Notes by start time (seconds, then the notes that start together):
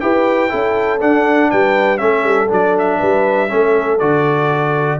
0.00 E4 G4 B4 G5
0.49 C#4 E4 A4
1.00 D4 F#5
1.51 G3 B4 G5
1.98 A3 C#4 A4 E5
2.23 G3
2.48 F#3 D4 D5
2.78 E5
2.98 G3 B4
3.48 A3 C#4 A4
3.99 D3 F#4 D5